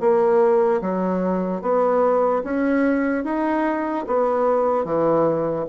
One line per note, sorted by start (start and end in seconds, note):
0.00 0.81 A#3
0.81 1.62 F#3
1.62 2.43 B3
2.44 3.24 C#4
3.24 4.05 D#4
4.07 4.85 B3
4.85 5.66 E3